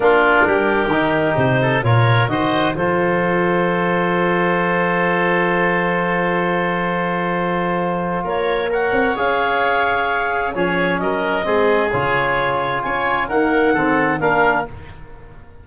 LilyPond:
<<
  \new Staff \with { instrumentName = "clarinet" } { \time 4/4 \tempo 4 = 131 ais'2. c''4 | cis''4 dis''4 c''2~ | c''1~ | c''1~ |
c''2 cis''4 fis''4 | f''2. cis''4 | dis''2 cis''2 | gis''4 fis''2 f''4 | }
  \new Staff \with { instrumentName = "oboe" } { \time 4/4 f'4 g'2~ g'8 a'8 | ais'4 c''4 a'2~ | a'1~ | a'1~ |
a'2 ais'4 cis''4~ | cis''2. gis'4 | ais'4 gis'2. | cis''4 ais'4 a'4 ais'4 | }
  \new Staff \with { instrumentName = "trombone" } { \time 4/4 d'2 dis'2 | f'4 fis'4 f'2~ | f'1~ | f'1~ |
f'2. ais'4 | gis'2. cis'4~ | cis'4 c'4 f'2~ | f'4 ais4 c'4 d'4 | }
  \new Staff \with { instrumentName = "tuba" } { \time 4/4 ais4 g4 dis4 c4 | ais,4 dis4 f2~ | f1~ | f1~ |
f2 ais4. c'8 | cis'2. f4 | fis4 gis4 cis2 | cis'4 dis'4 dis4 ais4 | }
>>